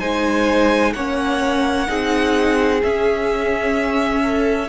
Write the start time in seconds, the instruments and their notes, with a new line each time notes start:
0.00 cello G#3, viola D#4, violin C5 G#5
0.94 cello A#3, viola C#4, violin C#5 F#5
1.87 cello C4, viola D#4, violin G#4
2.84 viola C#4, cello C#4, violin E5
4.23 violin A4